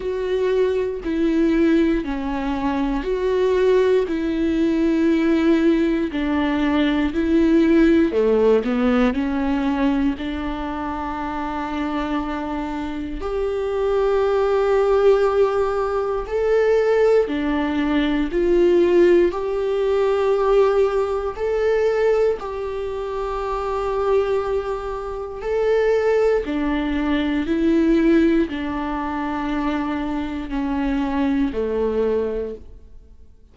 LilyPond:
\new Staff \with { instrumentName = "viola" } { \time 4/4 \tempo 4 = 59 fis'4 e'4 cis'4 fis'4 | e'2 d'4 e'4 | a8 b8 cis'4 d'2~ | d'4 g'2. |
a'4 d'4 f'4 g'4~ | g'4 a'4 g'2~ | g'4 a'4 d'4 e'4 | d'2 cis'4 a4 | }